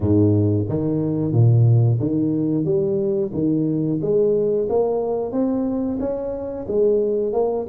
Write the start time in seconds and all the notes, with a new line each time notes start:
0.00 G#2
0.68 D#3
1.32 A#2
1.99 D#3
2.65 G3
3.33 D#3
4.01 G#3
4.69 A#3
5.32 C4
5.99 C#4
6.68 G#3
7.32 A#3